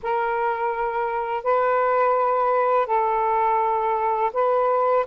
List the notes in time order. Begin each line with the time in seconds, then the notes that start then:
0.02 A#4
1.43 B4
2.86 A4
4.33 B4